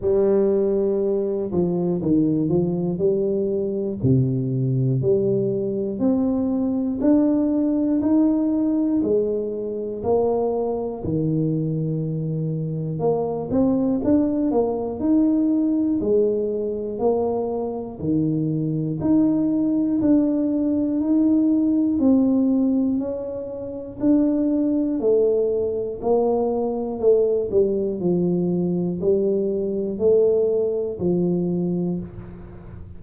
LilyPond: \new Staff \with { instrumentName = "tuba" } { \time 4/4 \tempo 4 = 60 g4. f8 dis8 f8 g4 | c4 g4 c'4 d'4 | dis'4 gis4 ais4 dis4~ | dis4 ais8 c'8 d'8 ais8 dis'4 |
gis4 ais4 dis4 dis'4 | d'4 dis'4 c'4 cis'4 | d'4 a4 ais4 a8 g8 | f4 g4 a4 f4 | }